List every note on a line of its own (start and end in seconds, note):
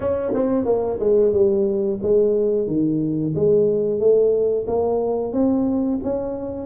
0.00 0.32 C#4
0.33 0.65 C4
0.65 0.98 A#3
0.99 1.33 G#3
1.33 1.99 G3
2.02 2.67 G#3
2.67 3.33 D#3
3.35 3.99 G#3
3.99 4.66 A3
4.67 5.32 A#3
5.32 5.99 C4
6.03 6.66 C#4